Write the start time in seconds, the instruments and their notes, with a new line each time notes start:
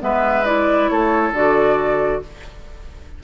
0.00 bassoon G#3, clarinet B3, oboe B4, flute E5
0.45 clarinet E4, flute D5
0.89 bassoon A3, oboe A4, flute C#5
1.31 bassoon D3, clarinet F#4, flute D5